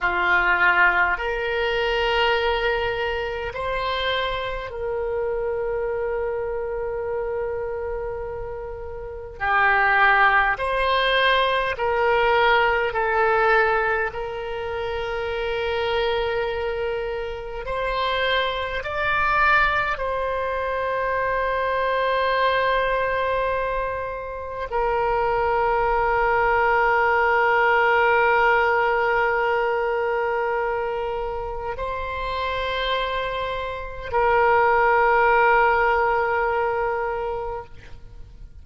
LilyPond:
\new Staff \with { instrumentName = "oboe" } { \time 4/4 \tempo 4 = 51 f'4 ais'2 c''4 | ais'1 | g'4 c''4 ais'4 a'4 | ais'2. c''4 |
d''4 c''2.~ | c''4 ais'2.~ | ais'2. c''4~ | c''4 ais'2. | }